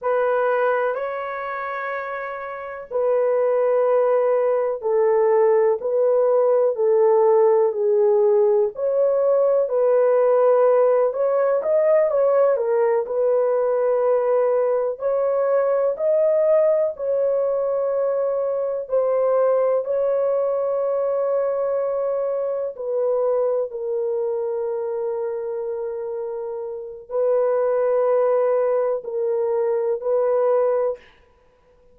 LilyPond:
\new Staff \with { instrumentName = "horn" } { \time 4/4 \tempo 4 = 62 b'4 cis''2 b'4~ | b'4 a'4 b'4 a'4 | gis'4 cis''4 b'4. cis''8 | dis''8 cis''8 ais'8 b'2 cis''8~ |
cis''8 dis''4 cis''2 c''8~ | c''8 cis''2. b'8~ | b'8 ais'2.~ ais'8 | b'2 ais'4 b'4 | }